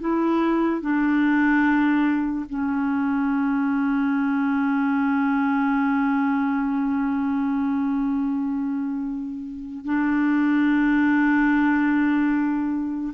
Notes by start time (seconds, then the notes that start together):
0.00 E4
0.81 D4
2.49 C#4
9.85 D4